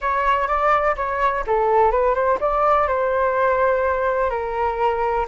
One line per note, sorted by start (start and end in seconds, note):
0.01 0.47 C#5
0.47 0.95 D5
0.96 1.44 C#5
1.46 1.91 A4
1.91 2.14 B4
2.14 2.38 C5
2.40 2.87 D5
2.87 4.30 C5
4.30 5.26 A#4